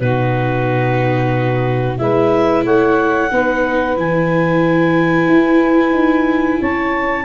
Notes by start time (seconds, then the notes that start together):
0.00 B2 D#4 F#4 B4
1.98 G#3 E4 B4 E5
2.65 A3 C#5 F#5
3.31 B3 D#4 B4
3.97 E3 E4 G#5
5.28 E4
5.92 D#4
6.61 C#4 C#5 A5